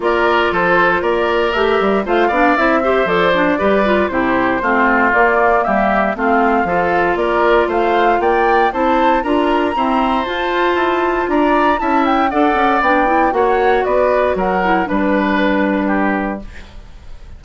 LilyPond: <<
  \new Staff \with { instrumentName = "flute" } { \time 4/4 \tempo 4 = 117 d''4 c''4 d''4 e''4 | f''4 e''4 d''2 | c''2 d''4 e''4 | f''2 d''4 f''4 |
g''4 a''4 ais''2 | a''2 ais''4 a''8 g''8 | fis''4 g''4 fis''4 d''4 | fis''4 b'2. | }
  \new Staff \with { instrumentName = "oboe" } { \time 4/4 ais'4 a'4 ais'2 | c''8 d''4 c''4. b'4 | g'4 f'2 g'4 | f'4 a'4 ais'4 c''4 |
d''4 c''4 ais'4 c''4~ | c''2 d''4 e''4 | d''2 cis''4 b'4 | ais'4 b'2 g'4 | }
  \new Staff \with { instrumentName = "clarinet" } { \time 4/4 f'2. g'4 | f'8 d'8 e'8 g'8 a'8 d'8 g'8 f'8 | e'4 c'4 ais2 | c'4 f'2.~ |
f'4 e'4 f'4 c'4 | f'2. e'4 | a'4 d'8 e'8 fis'2~ | fis'8 e'8 d'2. | }
  \new Staff \with { instrumentName = "bassoon" } { \time 4/4 ais4 f4 ais4 a8 g8 | a8 b8 c'4 f4 g4 | c4 a4 ais4 g4 | a4 f4 ais4 a4 |
ais4 c'4 d'4 e'4 | f'4 e'4 d'4 cis'4 | d'8 cis'8 b4 ais4 b4 | fis4 g2. | }
>>